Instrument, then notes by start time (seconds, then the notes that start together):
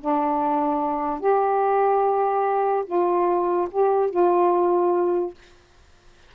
saxophone
0.00 D4
1.20 G4
2.86 F4
3.71 G4
4.10 F4